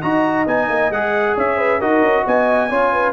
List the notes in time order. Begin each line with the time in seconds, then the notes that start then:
0.00 D#4 F#4 D#5 A#5
0.46 B3 D#4 G#5
0.69 A#3
0.90 G#3 G#4 F#5
1.35 C#4 C#5 E5
1.57 B4
1.79 D#4 F#4 A#4 D#5
2.01 C#4
2.25 B3 D#5 G#5
2.69 C#4 F4 C#5
2.92 B4